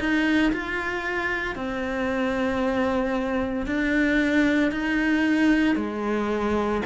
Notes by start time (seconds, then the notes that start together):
0.00 D#4
0.53 F4
1.56 C4
3.67 D4
4.72 D#4
5.77 G#3